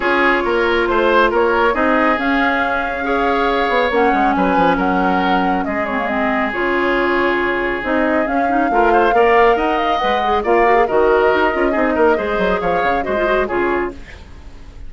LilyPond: <<
  \new Staff \with { instrumentName = "flute" } { \time 4/4 \tempo 4 = 138 cis''2 c''4 cis''4 | dis''4 f''2.~ | f''4 fis''4 gis''4 fis''4~ | fis''4 dis''8 cis''8 dis''4 cis''4~ |
cis''2 dis''4 f''4~ | f''2 fis''8 f''8 fis''4 | f''4 dis''2.~ | dis''4 f''4 dis''4 cis''4 | }
  \new Staff \with { instrumentName = "oboe" } { \time 4/4 gis'4 ais'4 c''4 ais'4 | gis'2. cis''4~ | cis''2 b'4 ais'4~ | ais'4 gis'2.~ |
gis'1 | ais'8 c''8 d''4 dis''2 | d''4 ais'2 gis'8 ais'8 | c''4 cis''4 c''4 gis'4 | }
  \new Staff \with { instrumentName = "clarinet" } { \time 4/4 f'1 | dis'4 cis'2 gis'4~ | gis'4 cis'2.~ | cis'4. c'16 ais16 c'4 f'4~ |
f'2 dis'4 cis'8 dis'8 | f'4 ais'2 b'8 gis'8 | f'8 fis'16 gis'16 fis'4. f'8 dis'4 | gis'2 fis'16 f'16 fis'8 f'4 | }
  \new Staff \with { instrumentName = "bassoon" } { \time 4/4 cis'4 ais4 a4 ais4 | c'4 cis'2.~ | cis'8 b8 ais8 gis8 fis8 f8 fis4~ | fis4 gis2 cis4~ |
cis2 c'4 cis'4 | a4 ais4 dis'4 gis4 | ais4 dis4 dis'8 cis'8 c'8 ais8 | gis8 fis8 f8 cis8 gis4 cis4 | }
>>